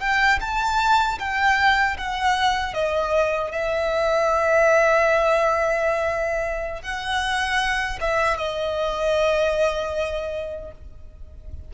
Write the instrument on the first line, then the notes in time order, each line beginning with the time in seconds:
violin
0.00 G5
0.40 A5
1.19 G5
1.98 F#5
2.74 D#5
3.51 E5
6.82 F#5
8.00 E5
8.37 D#5